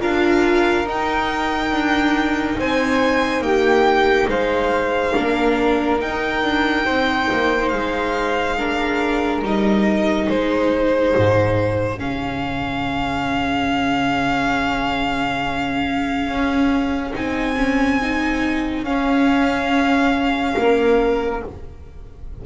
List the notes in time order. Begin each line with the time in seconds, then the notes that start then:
0.00 D4 F4 A#4 F5
0.86 D#4 G5
1.72 D4
2.59 C4 C5 G#5
3.41 A#3 G4 G5
4.28 G#3 C5 F5
5.15 A#3 D4 A#4
6.00 D#4 G5
6.43 D4
6.86 C4 C5
7.32 A#3
7.69 G#3 F5
8.58 D4 A#4
9.42 G3 D#4 D#5
10.27 G#3 G#4 C5
11.17 G#2
11.98 C#3 C#4 F5
16.27 C#4
17.13 C4 D#4 G#5
17.57 C#4
18.02 D#4
18.84 C#4 F5
20.57 A#3 A#4